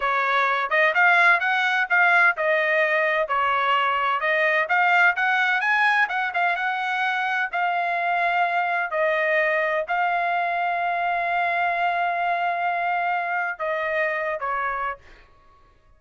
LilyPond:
\new Staff \with { instrumentName = "trumpet" } { \time 4/4 \tempo 4 = 128 cis''4. dis''8 f''4 fis''4 | f''4 dis''2 cis''4~ | cis''4 dis''4 f''4 fis''4 | gis''4 fis''8 f''8 fis''2 |
f''2. dis''4~ | dis''4 f''2.~ | f''1~ | f''4 dis''4.~ dis''16 cis''4~ cis''16 | }